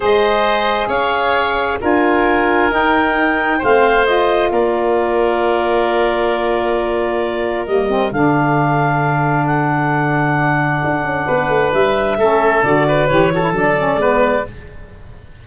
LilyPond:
<<
  \new Staff \with { instrumentName = "clarinet" } { \time 4/4 \tempo 4 = 133 dis''2 f''2 | gis''2 g''2 | f''4 dis''4 d''2~ | d''1~ |
d''4 dis''4 f''2~ | f''4 fis''2.~ | fis''2 e''2 | d''4 cis''4 d''2 | }
  \new Staff \with { instrumentName = "oboe" } { \time 4/4 c''2 cis''2 | ais'1 | c''2 ais'2~ | ais'1~ |
ais'2 a'2~ | a'1~ | a'4 b'2 a'4~ | a'8 b'4 a'4. b'4 | }
  \new Staff \with { instrumentName = "saxophone" } { \time 4/4 gis'1 | f'2 dis'2 | c'4 f'2.~ | f'1~ |
f'4 ais8 c'8 d'2~ | d'1~ | d'2. cis'4 | fis'4 g'8 fis'16 e'16 d'8 cis'8 b4 | }
  \new Staff \with { instrumentName = "tuba" } { \time 4/4 gis2 cis'2 | d'2 dis'2 | a2 ais2~ | ais1~ |
ais4 g4 d2~ | d1 | d'8 cis'8 b8 a8 g4 a4 | d4 e4 fis4 gis4 | }
>>